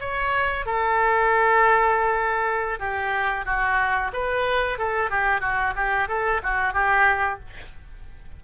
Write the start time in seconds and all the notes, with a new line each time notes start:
0.00 C#5
0.66 A4
2.80 G4
3.46 F#4
4.13 B4
4.78 A4
5.11 G4
5.41 F#4
5.76 G4
6.08 A4
6.43 F#4
6.74 G4